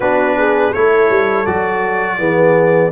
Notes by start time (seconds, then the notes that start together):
0.00 B3 D4 F#4 B4
0.37 G#4
0.71 A3 E4 A4 C#5
1.10 G3
1.46 F#3 F#4 D5
2.18 E3 B3 G#4